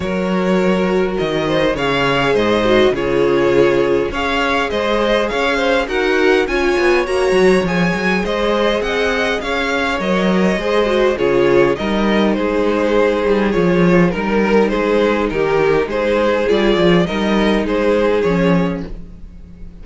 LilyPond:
<<
  \new Staff \with { instrumentName = "violin" } { \time 4/4 \tempo 4 = 102 cis''2 dis''4 f''4 | dis''4 cis''2 f''4 | dis''4 f''4 fis''4 gis''4 | ais''4 gis''4 dis''4 fis''4 |
f''4 dis''2 cis''4 | dis''4 c''2 cis''4 | ais'4 c''4 ais'4 c''4 | d''4 dis''4 c''4 cis''4 | }
  \new Staff \with { instrumentName = "violin" } { \time 4/4 ais'2~ ais'8 c''8 cis''4 | c''4 gis'2 cis''4 | c''4 cis''8 c''8 ais'4 cis''4~ | cis''2 c''4 dis''4 |
cis''2 c''4 gis'4 | ais'4 gis'2. | ais'4 gis'4 g'4 gis'4~ | gis'4 ais'4 gis'2 | }
  \new Staff \with { instrumentName = "viola" } { \time 4/4 fis'2. gis'4~ | gis'8 fis'8 f'2 gis'4~ | gis'2 fis'4 f'4 | fis'4 gis'2.~ |
gis'4 ais'4 gis'8 fis'8 f'4 | dis'2. f'4 | dis'1 | f'4 dis'2 cis'4 | }
  \new Staff \with { instrumentName = "cello" } { \time 4/4 fis2 dis4 cis4 | gis,4 cis2 cis'4 | gis4 cis'4 dis'4 cis'8 b8 | ais8 fis8 f8 fis8 gis4 c'4 |
cis'4 fis4 gis4 cis4 | g4 gis4. g8 f4 | g4 gis4 dis4 gis4 | g8 f8 g4 gis4 f4 | }
>>